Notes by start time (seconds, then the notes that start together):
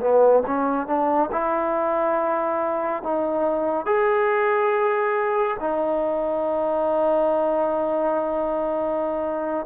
0.00 B3
0.46 C#4
0.87 D4
1.32 E4
3.03 D#4
3.85 G#4
5.60 D#4